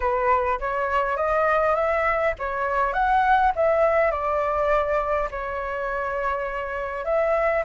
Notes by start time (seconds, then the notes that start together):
0.00 B4
0.59 C#5
1.16 D#5
1.75 E5
2.38 C#5
2.93 F#5
3.55 E5
4.11 D5
5.30 C#5
7.05 E5